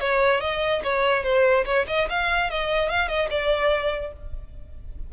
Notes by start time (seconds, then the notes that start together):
0.00 C#5
0.41 D#5
0.83 C#5
1.23 C5
1.65 C#5
1.87 D#5
2.09 F5
2.50 D#5
2.89 F5
3.08 D#5
3.30 D5